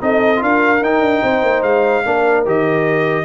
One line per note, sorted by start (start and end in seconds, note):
0.00 0.42 C4
0.00 0.36 D#4
0.00 0.42 A4
0.00 0.43 D#5
0.36 0.81 D4
0.36 0.77 F4
0.36 1.22 A#4
0.43 0.83 F5
0.81 1.01 D#4
0.81 2.05 D#4
0.81 1.62 G5
1.01 1.21 D4
1.22 1.42 C4
1.22 2.03 C5
1.42 1.63 A#3
1.62 2.03 G#3
1.62 2.44 F5
2.04 2.46 A#3
2.04 2.45 D4
2.04 3.25 A#4
2.45 3.25 D#3
2.45 3.25 G4
2.45 3.25 D#5